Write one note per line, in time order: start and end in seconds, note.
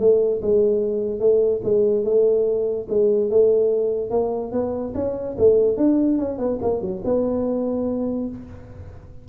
0.00 0.41 A3
0.42 1.20 G#3
1.20 1.61 A3
1.64 2.04 G#3
2.04 2.87 A3
2.89 3.31 G#3
3.31 4.11 A3
4.11 4.52 A#3
4.52 4.94 B3
4.95 5.36 C#4
5.38 5.77 A3
5.77 6.19 D4
6.19 6.39 C#4
6.39 6.59 B3
6.62 6.82 A#3
6.82 7.03 F#3
7.05 8.29 B3